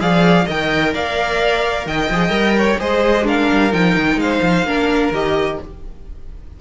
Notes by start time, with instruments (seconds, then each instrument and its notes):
0.00 cello F3, viola G#4, violin D5 F5
0.45 cello D#3, viola A#4, violin D#5 G5
0.94 cello A#3, violin D5 F5
1.86 cello D#3, violin D#5 G5
2.10 cello F3, viola G#4
2.30 cello G3, viola A#4
2.57 violin C#5
2.79 cello G#3, viola G#4, violin C5 D#5
3.24 viola D4, violin A#4 F5
3.52 cello G3
3.73 cello F3, viola D#4, violin G5
3.96 cello D#3
4.17 cello G#3, violin C5 F5
4.42 cello F3
4.63 cello A#3, viola D4, violin A#4
5.12 cello D#3, viola G4, violin D#5